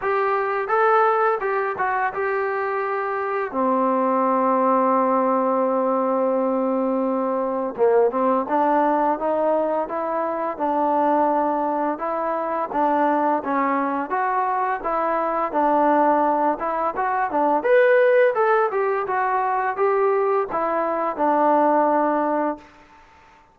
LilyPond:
\new Staff \with { instrumentName = "trombone" } { \time 4/4 \tempo 4 = 85 g'4 a'4 g'8 fis'8 g'4~ | g'4 c'2.~ | c'2. ais8 c'8 | d'4 dis'4 e'4 d'4~ |
d'4 e'4 d'4 cis'4 | fis'4 e'4 d'4. e'8 | fis'8 d'8 b'4 a'8 g'8 fis'4 | g'4 e'4 d'2 | }